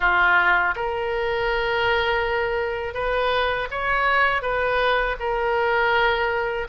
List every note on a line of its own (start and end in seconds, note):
0.00 0.74 F4
0.75 2.94 A#4
2.94 3.68 B4
3.70 4.42 C#5
4.42 5.16 B4
5.19 6.67 A#4